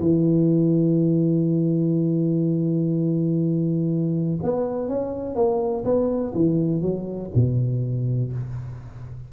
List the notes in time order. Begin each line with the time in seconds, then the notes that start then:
0.00 E3
4.43 B3
4.89 C#4
5.35 A#3
5.85 B3
6.35 E3
6.82 F#3
7.35 B2